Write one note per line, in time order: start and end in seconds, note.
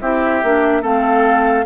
0.00 0.42 C4
0.00 0.43 E4
0.00 0.82 G4
0.00 0.83 E5
0.43 0.83 A#3
0.43 0.82 D4
0.82 1.66 A3
0.82 1.65 C4
0.82 1.65 A4
0.82 1.66 F5